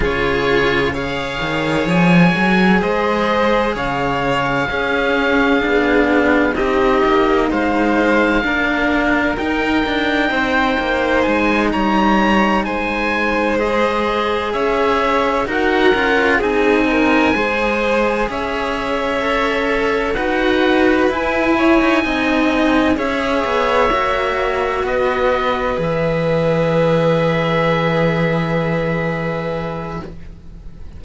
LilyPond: <<
  \new Staff \with { instrumentName = "oboe" } { \time 4/4 \tempo 4 = 64 cis''4 f''4 gis''4 dis''4 | f''2. dis''4 | f''2 g''2 | gis''8 ais''4 gis''4 dis''4 e''8~ |
e''8 fis''4 gis''2 e''8~ | e''4. fis''4 gis''4.~ | gis''8 e''2 dis''4 e''8~ | e''1 | }
  \new Staff \with { instrumentName = "violin" } { \time 4/4 gis'4 cis''2 c''4 | cis''4 gis'2 g'4 | c''4 ais'2 c''4~ | c''8 cis''4 c''2 cis''8~ |
cis''8 ais'4 gis'8 ais'8 c''4 cis''8~ | cis''4. b'4. cis''8 dis''8~ | dis''8 cis''2 b'4.~ | b'1 | }
  \new Staff \with { instrumentName = "cello" } { \time 4/4 f'4 gis'2.~ | gis'4 cis'4 d'4 dis'4~ | dis'4 d'4 dis'2~ | dis'2~ dis'8 gis'4.~ |
gis'8 fis'8 f'8 dis'4 gis'4.~ | gis'8 a'4 fis'4 e'4 dis'8~ | dis'8 gis'4 fis'2 gis'8~ | gis'1 | }
  \new Staff \with { instrumentName = "cello" } { \time 4/4 cis4. dis8 f8 fis8 gis4 | cis4 cis'4 b4 c'8 ais8 | gis4 ais4 dis'8 d'8 c'8 ais8 | gis8 g4 gis2 cis'8~ |
cis'8 dis'8 cis'8 c'4 gis4 cis'8~ | cis'4. dis'4 e'8. dis'16 c'8~ | c'8 cis'8 b8 ais4 b4 e8~ | e1 | }
>>